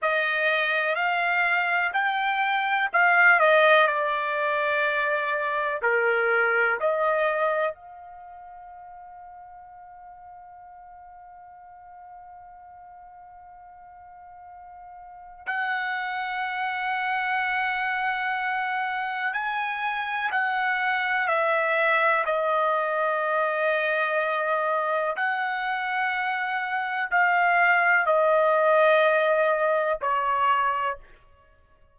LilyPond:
\new Staff \with { instrumentName = "trumpet" } { \time 4/4 \tempo 4 = 62 dis''4 f''4 g''4 f''8 dis''8 | d''2 ais'4 dis''4 | f''1~ | f''1 |
fis''1 | gis''4 fis''4 e''4 dis''4~ | dis''2 fis''2 | f''4 dis''2 cis''4 | }